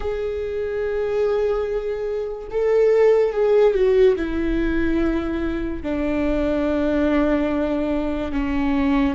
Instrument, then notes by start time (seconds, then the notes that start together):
viola
0.00 G#4
2.50 A4
3.32 G#4
3.73 F#4
4.16 E4
5.82 D4
8.32 C#4